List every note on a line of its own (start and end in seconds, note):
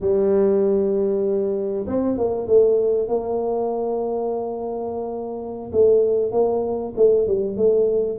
0.00 1.86 G3
1.86 2.17 C4
2.17 2.47 A#3
2.47 3.08 A3
3.08 5.71 A#3
5.72 6.31 A3
6.31 6.93 A#3
6.96 7.27 A3
7.27 7.56 G3
7.56 8.18 A3